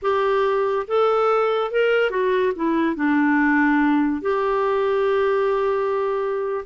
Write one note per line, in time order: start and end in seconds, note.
0.01 0.86 G4
0.87 1.71 A4
1.71 2.10 A#4
2.10 2.52 F#4
2.55 2.95 E4
2.95 4.21 D4
4.21 6.64 G4